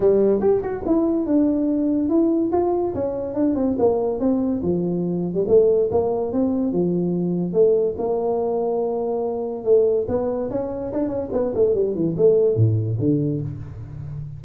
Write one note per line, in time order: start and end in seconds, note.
0.00 0.40 G3
0.40 0.61 G4
0.62 0.83 F#4
0.86 1.26 E4
1.26 2.09 D4
2.09 2.51 E4
2.52 2.94 F4
2.94 3.34 C#4
3.34 3.55 D4
3.55 3.76 C4
3.78 4.19 A#3
4.19 4.61 C4
4.62 5.34 F3
5.34 5.44 G3
5.47 5.89 A3
5.91 6.32 A#3
6.32 6.72 C4
6.72 7.53 F3
7.53 7.95 A3
7.98 9.64 A#3
9.64 10.06 A3
10.08 10.50 B3
10.50 10.92 C#4
10.92 11.08 D4
11.08 11.28 C#4
11.32 11.53 B3
11.54 11.74 A3
11.74 11.94 G3
11.94 12.15 E3
12.17 12.55 A3
12.55 12.97 A2
12.99 13.41 D3